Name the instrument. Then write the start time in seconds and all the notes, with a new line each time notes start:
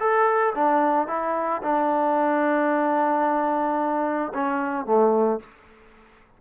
trombone
0.00 A4
0.55 D4
1.08 E4
1.63 D4
4.34 C#4
4.86 A3